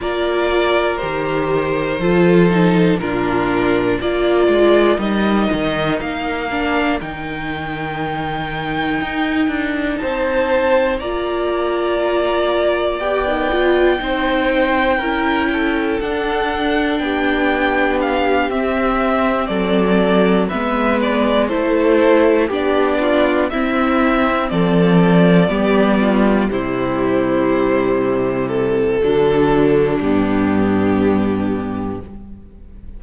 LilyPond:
<<
  \new Staff \with { instrumentName = "violin" } { \time 4/4 \tempo 4 = 60 d''4 c''2 ais'4 | d''4 dis''4 f''4 g''4~ | g''2 a''4 ais''4~ | ais''4 g''2. |
fis''4 g''4 f''8 e''4 d''8~ | d''8 e''8 d''8 c''4 d''4 e''8~ | e''8 d''2 c''4.~ | c''8 a'4. g'2 | }
  \new Staff \with { instrumentName = "violin" } { \time 4/4 ais'2 a'4 f'4 | ais'1~ | ais'2 c''4 d''4~ | d''2 c''4 ais'8 a'8~ |
a'4 g'2~ g'8 a'8~ | a'8 b'4 a'4 g'8 f'8 e'8~ | e'8 a'4 g'8 f'8 e'4.~ | e'4 d'2. | }
  \new Staff \with { instrumentName = "viola" } { \time 4/4 f'4 g'4 f'8 dis'8 d'4 | f'4 dis'4. d'8 dis'4~ | dis'2. f'4~ | f'4 g'16 dis16 f'8 dis'4 e'4 |
d'2~ d'8 c'4.~ | c'8 b4 e'4 d'4 c'8~ | c'4. b4 g4.~ | g4 fis4 b2 | }
  \new Staff \with { instrumentName = "cello" } { \time 4/4 ais4 dis4 f4 ais,4 | ais8 gis8 g8 dis8 ais4 dis4~ | dis4 dis'8 d'8 c'4 ais4~ | ais4 b4 c'4 cis'4 |
d'4 b4. c'4 fis8~ | fis8 gis4 a4 b4 c'8~ | c'8 f4 g4 c4.~ | c4 d4 g,2 | }
>>